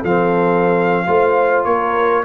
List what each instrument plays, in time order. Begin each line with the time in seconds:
0.00 tuba F3, trombone C4, horn A4, trumpet F5
1.07 tuba A3, trombone F4, horn C5
1.64 tuba A#3, horn A#4, trumpet C#5